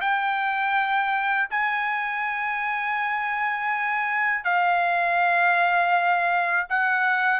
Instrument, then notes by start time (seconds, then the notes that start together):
trumpet
0.00 G5
1.50 G#5
4.44 F5
6.69 F#5